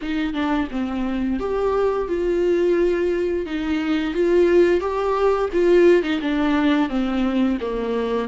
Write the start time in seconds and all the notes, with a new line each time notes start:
0.01 D#4
0.33 D4
0.71 C4
1.39 G4
2.08 F4
3.45 D#4
4.14 F4
4.80 G4
5.52 F4
6.02 D#4
6.21 D4
6.89 C4
7.60 A#3